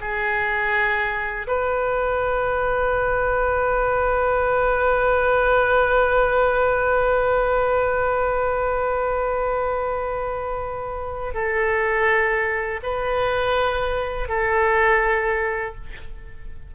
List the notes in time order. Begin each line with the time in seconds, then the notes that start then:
0.00 G#4
1.47 B4
11.34 A4
12.82 B4
14.28 A4